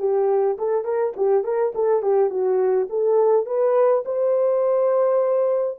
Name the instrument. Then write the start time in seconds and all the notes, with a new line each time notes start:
horn
0.00 G4
0.59 A4
0.85 A#4
1.17 G4
1.44 A#4
1.75 A4
2.03 G4
2.31 F#4
2.90 A4
3.46 B4
4.06 C5